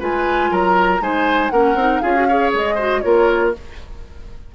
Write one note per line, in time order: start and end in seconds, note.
0.00 0.51 G#3
0.00 1.01 F4
0.00 0.50 B4
0.00 0.54 G#5
0.51 1.00 F#3
0.51 1.02 A#4
0.51 1.03 A#5
1.00 1.51 G#3
1.00 1.51 D#4
1.00 1.53 C5
1.00 1.50 G#5
1.50 1.75 A#3
1.50 1.78 C#4
1.50 2.02 A#4
1.50 2.01 F#5
1.75 2.00 C4
1.75 2.03 D#4
2.01 2.54 C#4
2.01 2.16 F4
2.01 2.28 G#4
2.01 2.51 F5
2.16 2.28 F#4
2.29 2.79 G#4
2.29 2.75 C#5
2.54 3.04 G#3
2.54 3.02 D#5
2.75 3.03 F#4
2.75 3.01 C5
3.02 3.55 A#3
3.02 3.53 F4
3.02 3.55 A#4
3.02 3.52 C#5